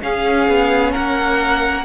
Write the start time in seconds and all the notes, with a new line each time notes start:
0.00 C#4 G#4 F5
0.48 B3
0.92 A#3 A#4 F#5